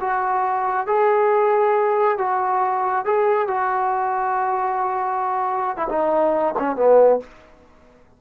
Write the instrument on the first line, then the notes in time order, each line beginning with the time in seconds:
trombone
0.00 F#4
0.86 G#4
2.18 F#4
3.05 G#4
3.47 F#4
5.77 E4
5.88 D#4
6.58 C#4
6.75 B3